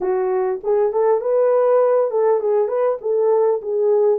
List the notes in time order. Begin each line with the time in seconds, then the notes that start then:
0.01 F#4
0.63 G#4
0.92 A4
1.21 B4
2.10 A4
2.40 G#4
2.68 B4
3.01 A4
3.61 G#4